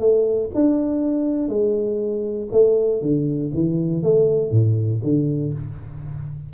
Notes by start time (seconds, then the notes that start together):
0.00 A3
0.55 D4
1.49 G#3
2.52 A3
3.02 D3
3.54 E3
4.03 A3
4.51 A2
5.04 D3